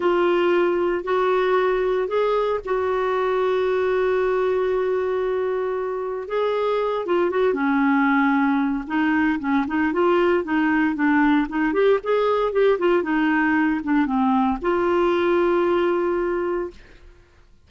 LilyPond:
\new Staff \with { instrumentName = "clarinet" } { \time 4/4 \tempo 4 = 115 f'2 fis'2 | gis'4 fis'2.~ | fis'1 | gis'4. f'8 fis'8 cis'4.~ |
cis'4 dis'4 cis'8 dis'8 f'4 | dis'4 d'4 dis'8 g'8 gis'4 | g'8 f'8 dis'4. d'8 c'4 | f'1 | }